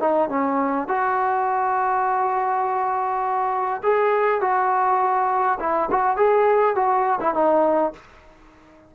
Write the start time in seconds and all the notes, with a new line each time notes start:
0.00 D#4
0.29 C#4
0.88 F#4
3.83 G#4
4.41 F#4
5.60 E4
5.91 F#4
6.17 G#4
6.76 F#4
7.21 E4
7.34 D#4